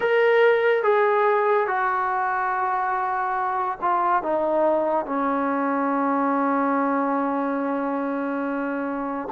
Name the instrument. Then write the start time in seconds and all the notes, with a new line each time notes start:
trombone
0.00 A#4
0.83 G#4
1.67 F#4
3.81 F4
4.23 D#4
5.05 C#4